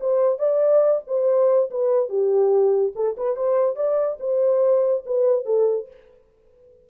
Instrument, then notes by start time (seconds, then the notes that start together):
horn
0.00 C5
0.39 D5
1.07 C5
1.71 B4
2.09 G4
2.95 A4
3.17 B4
3.36 C5
3.76 D5
4.20 C5
5.06 B4
5.45 A4